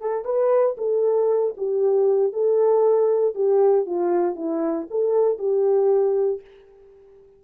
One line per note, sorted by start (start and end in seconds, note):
0.00 0.24 A4
0.24 0.76 B4
0.77 1.54 A4
1.57 2.32 G4
2.32 3.34 A4
3.34 3.86 G4
3.86 4.35 F4
4.35 4.87 E4
4.90 5.38 A4
5.38 6.41 G4